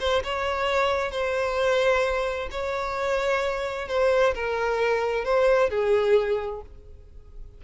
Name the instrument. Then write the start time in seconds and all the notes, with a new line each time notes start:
violin
0.00 C5
0.24 C#5
1.12 C5
2.51 C#5
3.88 C5
4.35 A#4
5.25 C5
5.70 G#4